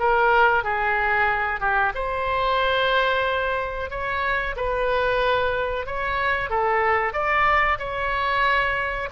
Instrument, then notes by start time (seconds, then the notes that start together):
oboe
0.00 A#4
0.64 G#4
1.60 G4
1.95 C5
3.90 C#5
4.57 B4
5.87 C#5
6.50 A4
7.14 D5
7.79 C#5